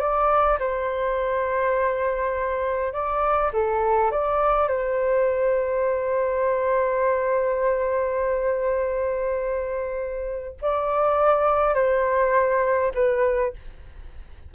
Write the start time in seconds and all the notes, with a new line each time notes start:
0.00 D5
0.60 C5
2.93 D5
3.54 A4
4.11 D5
4.69 C5
10.62 D5
11.75 C5
12.95 B4